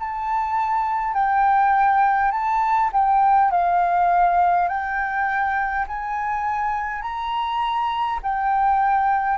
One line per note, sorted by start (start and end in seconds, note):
0.00 1.14 A5
1.14 2.32 G5
2.32 2.90 A5
2.93 3.51 G5
3.51 4.68 F5
4.68 5.86 G5
5.88 7.02 G#5
7.02 8.20 A#5
8.23 9.39 G5